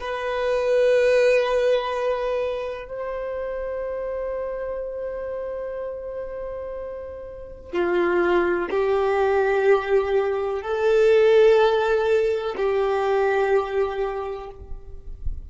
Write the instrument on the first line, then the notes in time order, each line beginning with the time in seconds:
violin
0.00 B4
2.88 C5
7.72 F4
8.70 G4
10.61 A4
12.56 G4